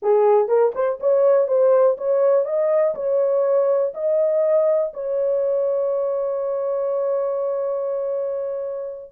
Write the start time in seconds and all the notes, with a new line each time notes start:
0.02 G#4
0.48 A#4
0.74 C5
1.00 C#5
1.47 C5
1.97 C#5
2.45 D#5
2.94 C#5
3.94 D#5
4.93 C#5